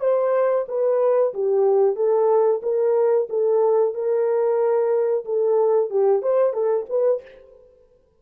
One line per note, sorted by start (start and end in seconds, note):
0.00 0.65 C5
0.68 1.33 B4
1.33 1.96 G4
1.96 2.61 A4
2.62 3.27 A#4
3.29 3.94 A4
3.94 5.24 A#4
5.25 5.90 A4
5.90 6.22 G4
6.22 6.53 C5
6.53 6.86 A4
6.89 7.22 B4